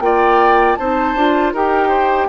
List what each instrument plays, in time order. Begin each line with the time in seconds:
0.00 bassoon A#3, clarinet F4, oboe D5, flute G5
0.75 bassoon C4, clarinet D#4, oboe C5, flute A5
1.15 bassoon D4, clarinet F4
1.53 bassoon D#4, clarinet G4, oboe A#4, flute G5
1.88 oboe C5